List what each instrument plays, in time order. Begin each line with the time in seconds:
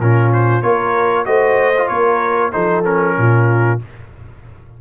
0.00 tuba A#2, trombone C#4, horn F4, trumpet A#4
0.33 trumpet C5
0.62 tuba A#3, trombone F4, horn A#4, trumpet C#5
1.26 tuba A3, trombone F#4, horn C5, trumpet D#5
1.78 trombone F4
1.88 tuba A#3, horn A#4, trumpet C#5
2.53 tuba F3, trombone D#4, horn A4, trumpet C5
2.85 trombone C#4, trumpet A#4
3.18 tuba A#2, horn F4